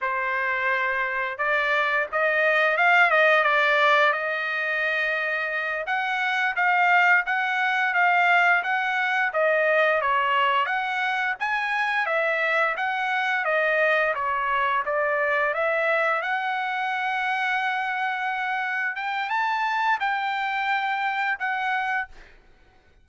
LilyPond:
\new Staff \with { instrumentName = "trumpet" } { \time 4/4 \tempo 4 = 87 c''2 d''4 dis''4 | f''8 dis''8 d''4 dis''2~ | dis''8 fis''4 f''4 fis''4 f''8~ | f''8 fis''4 dis''4 cis''4 fis''8~ |
fis''8 gis''4 e''4 fis''4 dis''8~ | dis''8 cis''4 d''4 e''4 fis''8~ | fis''2.~ fis''8 g''8 | a''4 g''2 fis''4 | }